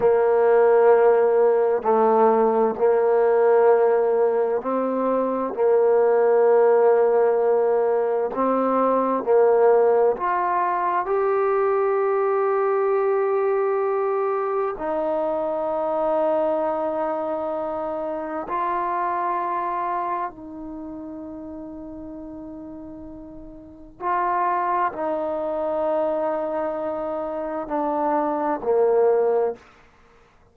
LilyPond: \new Staff \with { instrumentName = "trombone" } { \time 4/4 \tempo 4 = 65 ais2 a4 ais4~ | ais4 c'4 ais2~ | ais4 c'4 ais4 f'4 | g'1 |
dis'1 | f'2 dis'2~ | dis'2 f'4 dis'4~ | dis'2 d'4 ais4 | }